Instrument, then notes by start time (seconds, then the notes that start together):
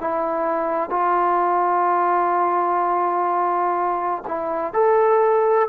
trombone
0.00 E4
0.90 F4
4.27 E4
4.73 A4